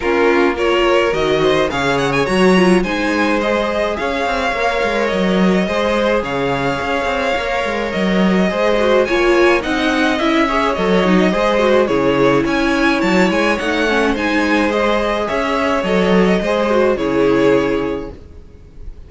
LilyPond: <<
  \new Staff \with { instrumentName = "violin" } { \time 4/4 \tempo 4 = 106 ais'4 cis''4 dis''4 f''8 fis''16 gis''16 | ais''4 gis''4 dis''4 f''4~ | f''4 dis''2 f''4~ | f''2 dis''2 |
gis''4 fis''4 e''4 dis''4~ | dis''4 cis''4 gis''4 a''8 gis''8 | fis''4 gis''4 dis''4 e''4 | dis''2 cis''2 | }
  \new Staff \with { instrumentName = "violin" } { \time 4/4 f'4 ais'4. c''8 cis''4~ | cis''4 c''2 cis''4~ | cis''2 c''4 cis''4~ | cis''2. c''4 |
cis''4 dis''4. cis''4. | c''4 gis'4 cis''2~ | cis''4 c''2 cis''4~ | cis''4 c''4 gis'2 | }
  \new Staff \with { instrumentName = "viola" } { \time 4/4 cis'4 f'4 fis'4 gis'4 | fis'8 f'8 dis'4 gis'2 | ais'2 gis'2~ | gis'4 ais'2 gis'8 fis'8 |
f'4 dis'4 e'8 gis'8 a'8 dis'8 | gis'8 fis'8 e'2. | dis'8 cis'8 dis'4 gis'2 | a'4 gis'8 fis'8 e'2 | }
  \new Staff \with { instrumentName = "cello" } { \time 4/4 ais2 dis4 cis4 | fis4 gis2 cis'8 c'8 | ais8 gis8 fis4 gis4 cis4 | cis'8 c'8 ais8 gis8 fis4 gis4 |
ais4 c'4 cis'4 fis4 | gis4 cis4 cis'4 fis8 gis8 | a4 gis2 cis'4 | fis4 gis4 cis2 | }
>>